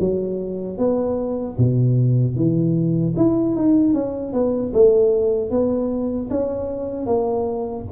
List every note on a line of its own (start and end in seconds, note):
0.00 0.78 F#3
0.78 1.57 B3
1.58 2.36 B2
2.36 3.15 E3
3.17 3.56 E4
3.56 3.94 D#4
3.94 4.33 C#4
4.33 4.73 B3
4.74 5.50 A3
5.50 6.29 B3
6.31 7.06 C#4
7.06 7.85 A#3